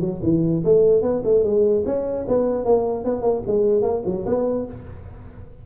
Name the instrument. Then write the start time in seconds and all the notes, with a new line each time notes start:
tuba
0.00 F#3
0.22 E3
0.64 A3
1.01 B3
1.23 A3
1.43 G#3
1.85 C#4
2.27 B3
2.64 A#3
3.04 B3
3.21 A#3
3.46 G#3
3.82 A#3
4.05 F#3
4.25 B3